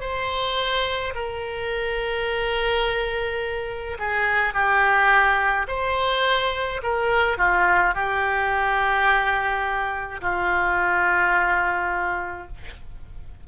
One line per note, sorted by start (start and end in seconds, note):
0.00 1.13 C5
1.15 3.98 A#4
3.98 4.53 G#4
4.53 5.67 G4
5.68 6.81 C5
6.82 7.37 A#4
7.37 7.94 F4
7.94 10.20 G4
10.21 12.47 F4